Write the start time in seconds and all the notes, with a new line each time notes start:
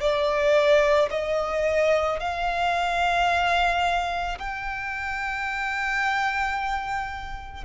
0.00 D5
1.11 D#5
2.20 F5
4.38 G5